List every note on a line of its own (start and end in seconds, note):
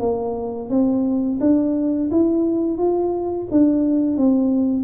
0.00 0.69 A#3
0.69 1.39 C4
1.40 2.10 D4
2.11 2.78 E4
2.78 3.48 F4
3.51 4.17 D4
4.17 4.84 C4